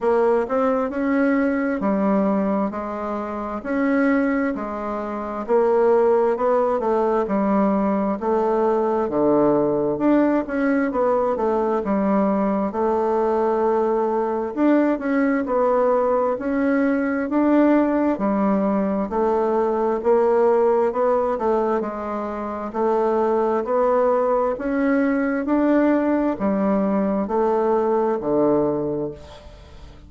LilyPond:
\new Staff \with { instrumentName = "bassoon" } { \time 4/4 \tempo 4 = 66 ais8 c'8 cis'4 g4 gis4 | cis'4 gis4 ais4 b8 a8 | g4 a4 d4 d'8 cis'8 | b8 a8 g4 a2 |
d'8 cis'8 b4 cis'4 d'4 | g4 a4 ais4 b8 a8 | gis4 a4 b4 cis'4 | d'4 g4 a4 d4 | }